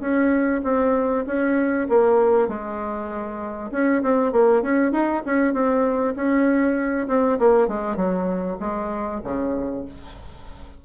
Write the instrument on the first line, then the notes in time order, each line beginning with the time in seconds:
bassoon
0.00 C#4
0.64 C4
1.27 C#4
1.89 A#3
2.48 G#3
3.72 C#4
4.03 C4
4.32 A#3
4.62 C#4
4.92 D#4
5.26 C#4
5.54 C4
6.16 C#4
7.08 C4
7.39 A#3
7.68 G#3
7.96 F#3
8.60 G#3
9.24 C#3